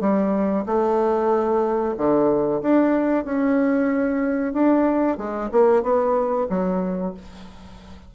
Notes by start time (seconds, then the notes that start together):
0.00 G3
0.66 A3
1.97 D3
2.62 D4
3.25 C#4
4.53 D4
5.17 G#3
5.51 A#3
5.82 B3
6.49 F#3